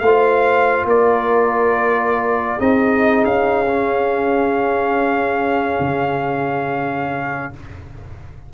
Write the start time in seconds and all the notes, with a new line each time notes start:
0.00 A3 F4 C5 F5
0.86 A#3 A#4 D5
2.57 C4 D#4 G#4 D#5
3.25 C#4 F5
3.68 C#4
5.80 C#3